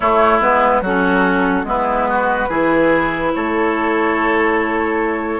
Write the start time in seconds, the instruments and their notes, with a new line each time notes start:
0.00 clarinet A3, bassoon A3, oboe E4, flute C#5
0.40 bassoon G#3, clarinet B3, flute B4
0.81 bassoon F#3, clarinet C#4, oboe F#4, flute A4
1.63 bassoon G#3, clarinet B3, oboe E4, flute B4
2.09 oboe F#4
2.48 bassoon E3, clarinet E4, oboe G#4
3.34 bassoon A3, oboe A4, flute C#5